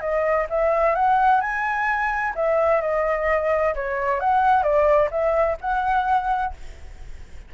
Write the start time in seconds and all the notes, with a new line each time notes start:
0.00 D#5
0.50 E5
0.95 F#5
1.41 G#5
2.35 E5
2.81 D#5
3.75 C#5
4.20 F#5
4.63 D5
5.11 E5
5.61 F#5